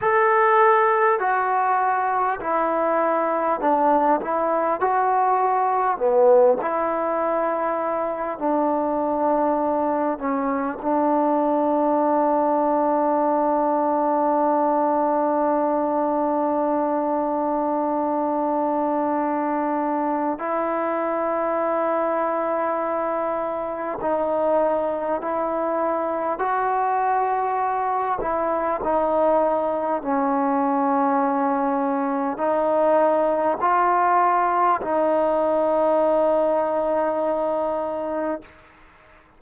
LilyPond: \new Staff \with { instrumentName = "trombone" } { \time 4/4 \tempo 4 = 50 a'4 fis'4 e'4 d'8 e'8 | fis'4 b8 e'4. d'4~ | d'8 cis'8 d'2.~ | d'1~ |
d'4 e'2. | dis'4 e'4 fis'4. e'8 | dis'4 cis'2 dis'4 | f'4 dis'2. | }